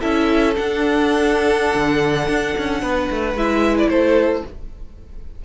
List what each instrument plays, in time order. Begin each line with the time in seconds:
0.00 cello C#4, viola E4, violin A4 E5
0.56 viola D4, cello D4, violin F#5
1.75 cello D3
2.29 cello D4
2.58 cello C#4
2.82 cello B3, violin B4
3.10 cello A3
3.34 cello G#3, viola E4, violin E5
3.77 violin D5
3.89 cello A3, violin A4 C5